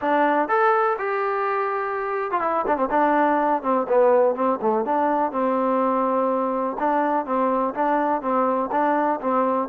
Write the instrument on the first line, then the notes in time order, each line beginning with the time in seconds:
trombone
0.01 D4
0.48 A4
0.98 G4
2.31 F4
2.40 E4
2.66 D4
2.76 C4
2.90 D4
3.62 C4
3.88 B3
4.35 C4
4.61 A3
4.85 D4
5.31 C4
6.79 D4
7.25 C4
7.74 D4
8.21 C4
8.71 D4
9.21 C4